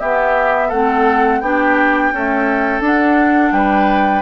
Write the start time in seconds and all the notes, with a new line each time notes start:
0.00 B3 G4 E5
0.68 A3 C4 A4 F#5
1.41 B3 D4 G4 G5
2.12 A3 C#4 A4
2.81 D4 F#5
3.52 G3 B4 G5